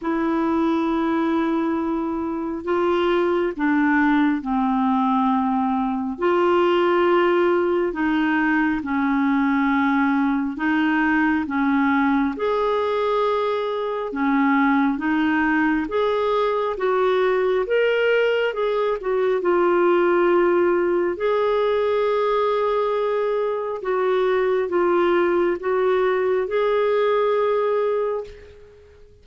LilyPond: \new Staff \with { instrumentName = "clarinet" } { \time 4/4 \tempo 4 = 68 e'2. f'4 | d'4 c'2 f'4~ | f'4 dis'4 cis'2 | dis'4 cis'4 gis'2 |
cis'4 dis'4 gis'4 fis'4 | ais'4 gis'8 fis'8 f'2 | gis'2. fis'4 | f'4 fis'4 gis'2 | }